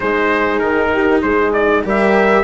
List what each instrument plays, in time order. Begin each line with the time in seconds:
0.00 bassoon G#3, cello D#4, horn G#4, trumpet C5
0.59 bassoon D#3, trumpet A#4
0.93 horn G4
1.22 bassoon G#3, horn G#4, trumpet C5
1.53 trumpet D5
1.83 bassoon G3, cello G4, horn A#4, trumpet E5